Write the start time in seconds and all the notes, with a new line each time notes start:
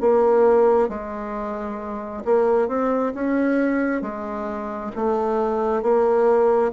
0.00 A#3
0.89 G#3
2.25 A#3
2.68 C4
3.14 C#4
4.01 G#3
4.95 A3
5.82 A#3